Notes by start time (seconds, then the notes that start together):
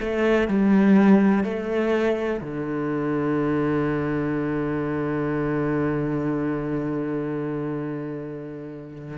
0.00 A3
0.48 G3
1.43 A3
2.41 D3